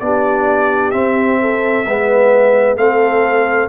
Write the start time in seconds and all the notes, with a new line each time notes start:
0.00 B3 D4 G4 D5
0.91 C4 E5
1.41 A4
1.86 G#3 B3 B4
2.75 A3 C4 A4 F5